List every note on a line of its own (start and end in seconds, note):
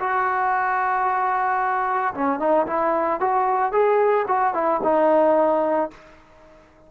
0.00 2.14 F#4
2.15 2.40 C#4
2.40 2.67 D#4
2.67 3.20 E4
3.20 3.73 F#4
3.73 4.26 G#4
4.28 4.54 F#4
4.54 4.81 E4
4.84 5.91 D#4